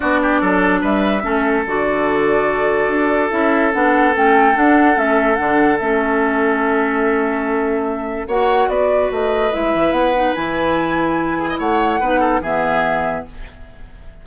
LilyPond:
<<
  \new Staff \with { instrumentName = "flute" } { \time 4/4 \tempo 4 = 145 d''2 e''2 | d''1 | e''4 fis''4 g''4 fis''4 | e''4 fis''4 e''2~ |
e''1 | fis''4 d''4 dis''4 e''4 | fis''4 gis''2. | fis''2 e''2 | }
  \new Staff \with { instrumentName = "oboe" } { \time 4/4 fis'8 g'8 a'4 b'4 a'4~ | a'1~ | a'1~ | a'1~ |
a'1 | cis''4 b'2.~ | b'2.~ b'8 gis'16 dis''16 | cis''4 b'8 a'8 gis'2 | }
  \new Staff \with { instrumentName = "clarinet" } { \time 4/4 d'2. cis'4 | fis'1 | e'4 d'4 cis'4 d'4 | cis'4 d'4 cis'2~ |
cis'1 | fis'2. e'4~ | e'8 dis'8 e'2.~ | e'4 dis'4 b2 | }
  \new Staff \with { instrumentName = "bassoon" } { \time 4/4 b4 fis4 g4 a4 | d2. d'4 | cis'4 b4 a4 d'4 | a4 d4 a2~ |
a1 | ais4 b4 a4 gis8 e8 | b4 e2. | a4 b4 e2 | }
>>